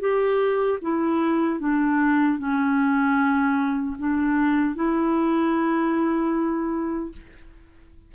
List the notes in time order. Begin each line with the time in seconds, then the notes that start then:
0.00 G4
0.81 E4
1.60 D4
2.38 C#4
3.98 D4
4.75 E4